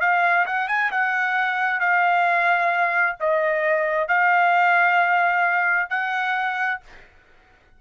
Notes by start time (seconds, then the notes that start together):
0.00 F5
0.46 F#5
0.68 G#5
0.91 F#5
1.80 F5
3.20 D#5
4.08 F5
5.90 F#5